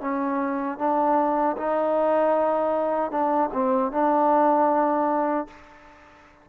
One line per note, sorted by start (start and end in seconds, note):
0.00 0.78 C#4
0.78 1.56 D4
1.57 3.11 D#4
3.11 3.50 D4
3.53 3.91 C4
3.91 5.47 D4